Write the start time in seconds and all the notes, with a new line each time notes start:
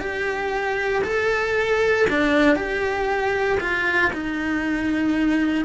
0.00 G4
1.03 A4
2.10 D4
2.56 G4
3.60 F4
4.13 D#4